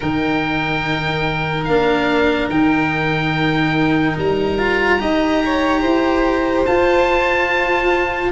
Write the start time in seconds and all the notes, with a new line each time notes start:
0.00 D#3 D#4 A#4 G5
1.64 A#3 D4 F5
2.49 D#3 D#4 G5
4.17 G3 A#5
4.58 F4
4.98 D#4 G4 D#5
5.45 C#5
5.81 E4 C5
6.65 F4 A5